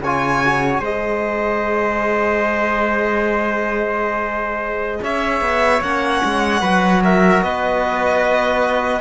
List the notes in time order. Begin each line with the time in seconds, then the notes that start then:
0.00 C#3 F4 C#5 G#5
0.45 F#4
0.80 G#3 G#4 C5 D#5
5.03 C#4 C#5 E5
5.41 B3
5.82 A#3 C#4 F#5
6.25 G#3
6.62 F#3 F#4 B4
7.04 A#4 E5
7.43 B3 B4 D#5